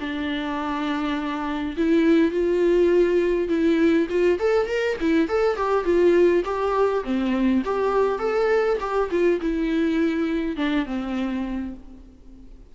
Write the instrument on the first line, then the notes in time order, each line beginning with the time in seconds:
viola
0.00 D4
1.77 E4
2.32 F4
3.49 E4
4.10 F4
4.40 A4
4.68 A#4
5.01 E4
5.29 A4
5.57 G4
5.85 F4
6.45 G4
7.05 C4
7.65 G4
8.19 A4
8.80 G4
9.11 F4
9.41 E4
10.57 D4
10.86 C4